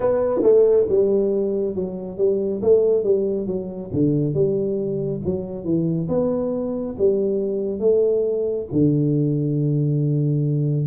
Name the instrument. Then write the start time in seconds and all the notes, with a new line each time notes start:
tuba
0.00 B3
0.43 A3
0.88 G3
1.75 F#3
2.17 G3
2.62 A3
3.03 G3
3.47 F#3
3.93 D3
4.34 G3
5.25 F#3
5.64 E3
6.08 B3
6.98 G3
7.79 A3
8.72 D3